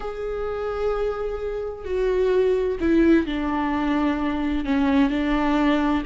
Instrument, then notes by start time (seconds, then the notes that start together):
viola
0.00 G#4
1.84 F#4
2.80 E4
3.26 D4
4.64 C#4
5.10 D4